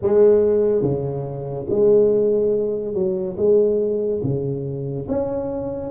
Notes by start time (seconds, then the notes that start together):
0.02 G#3
0.81 C#3
1.69 G#3
2.93 F#3
3.37 G#3
4.23 C#3
5.08 C#4